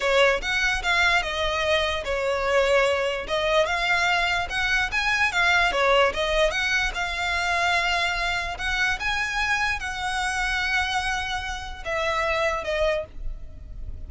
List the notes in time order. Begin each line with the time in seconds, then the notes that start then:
0.00 C#5
0.41 F#5
0.83 F5
1.22 D#5
2.04 C#5
3.27 D#5
3.65 F5
4.49 F#5
4.91 G#5
5.32 F5
5.72 C#5
6.13 D#5
6.50 F#5
6.94 F5
8.58 F#5
8.99 G#5
9.79 F#5
11.84 E5
12.63 D#5